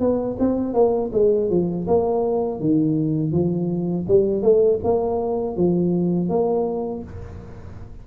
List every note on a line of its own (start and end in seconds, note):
0.00 0.37 B3
0.40 0.74 C4
0.74 1.11 A#3
1.13 1.50 G#3
1.50 1.87 F3
1.87 2.60 A#3
2.60 3.32 D#3
3.32 4.06 F3
4.08 4.43 G3
4.43 4.80 A3
4.84 5.57 A#3
5.57 6.29 F3
6.29 7.03 A#3